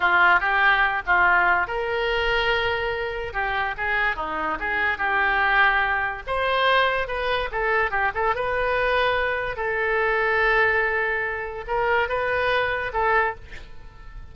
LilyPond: \new Staff \with { instrumentName = "oboe" } { \time 4/4 \tempo 4 = 144 f'4 g'4. f'4. | ais'1 | g'4 gis'4 dis'4 gis'4 | g'2. c''4~ |
c''4 b'4 a'4 g'8 a'8 | b'2. a'4~ | a'1 | ais'4 b'2 a'4 | }